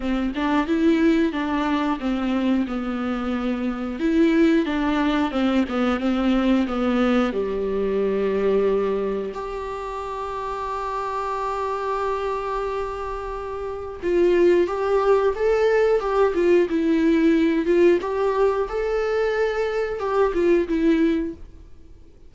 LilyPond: \new Staff \with { instrumentName = "viola" } { \time 4/4 \tempo 4 = 90 c'8 d'8 e'4 d'4 c'4 | b2 e'4 d'4 | c'8 b8 c'4 b4 g4~ | g2 g'2~ |
g'1~ | g'4 f'4 g'4 a'4 | g'8 f'8 e'4. f'8 g'4 | a'2 g'8 f'8 e'4 | }